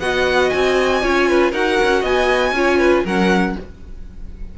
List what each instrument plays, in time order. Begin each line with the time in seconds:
0.00 cello B3, viola F#4, violin D#5 F#5
0.50 cello C4, violin G#5
1.03 cello C#4, viola F4, violin C#5
1.29 violin B4
1.51 cello D#4, viola F#4, violin A#4 F#5
1.83 cello C#4
2.02 cello B3, violin D#5 G#5
2.52 cello C#4, viola F4, violin C#5
2.79 violin B4
3.05 cello F#3, viola C#4, violin A#4 F#5